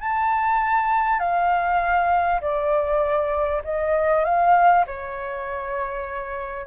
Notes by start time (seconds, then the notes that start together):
0.00 A5
1.19 F5
2.41 D5
3.64 D#5
4.24 F5
4.86 C#5